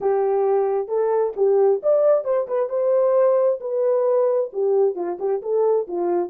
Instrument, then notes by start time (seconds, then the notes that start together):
horn
0.01 G4
0.88 A4
1.36 G4
1.82 D5
2.24 C5
2.47 B4
2.69 C5
3.60 B4
4.53 G4
4.95 F4
5.19 G4
5.42 A4
5.87 F4